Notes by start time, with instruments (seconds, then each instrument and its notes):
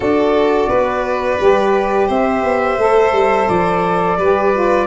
0.00 tuba D4, saxophone F#4, violin A4, flute D5
0.69 tuba B3, violin B4
1.39 tuba G3, saxophone G4
2.07 tuba C4, violin C5, flute E5
2.43 tuba B3
2.78 tuba A3, saxophone A4
3.12 tuba G3
3.48 tuba F3, flute D5
4.18 tuba G3, saxophone G4, violin B4
4.53 saxophone F4